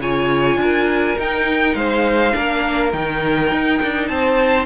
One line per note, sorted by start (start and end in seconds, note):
0.00 0.57 C#3
0.00 1.17 F4
0.00 0.59 C#5
0.00 1.19 G#5
0.57 1.15 D4
0.57 1.78 A#4
1.17 2.33 D#4
1.17 1.75 D#4
1.17 1.75 G5
1.75 2.33 G#3
1.75 2.35 C5
1.75 2.91 F5
2.33 2.93 A#3
2.33 2.92 D4
2.33 4.09 A#4
2.93 3.52 D#3
2.93 4.66 D#4
2.93 4.08 G5
3.52 3.81 D#4
3.83 4.10 D4
4.08 4.66 C4
4.08 4.66 C5
4.08 4.66 A5